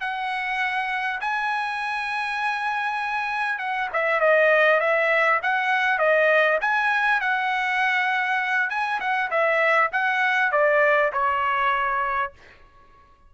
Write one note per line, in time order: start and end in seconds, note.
0.00 1.20 F#5
1.21 3.59 G#5
3.59 3.89 F#5
3.93 4.20 E5
4.20 4.80 D#5
4.80 5.40 E5
5.42 5.99 F#5
5.99 6.59 D#5
6.61 7.21 G#5
7.21 8.70 F#5
8.70 9.00 G#5
9.00 9.30 F#5
9.31 9.91 E5
9.92 10.52 F#5
10.52 11.12 D5
11.12 12.32 C#5